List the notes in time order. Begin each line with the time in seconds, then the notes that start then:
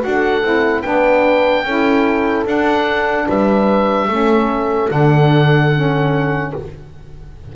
0.00 D4 F#4 F#5
0.07 A4
0.42 C4 E4
0.81 B3 D4 B4 G5
1.64 C#4 E4 A4
2.45 D4 F#5
3.27 G3 B4 E5
4.07 A3 C#4 A4
4.89 D3 D4 F#5
5.74 C#4